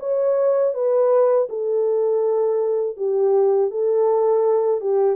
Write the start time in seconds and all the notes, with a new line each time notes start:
0.00 C#5
0.74 B4
1.49 A4
2.97 G4
3.71 A4
4.81 G4